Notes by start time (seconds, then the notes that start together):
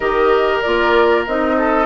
0.00 D#3 G4 A#4 D#5
0.61 A#3 F4 D5
1.27 C4 D#4 D#5
1.57 A4